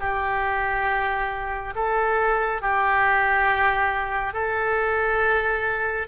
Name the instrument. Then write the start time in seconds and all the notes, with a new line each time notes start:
oboe
0.00 G4
1.75 A4
2.62 G4
4.34 A4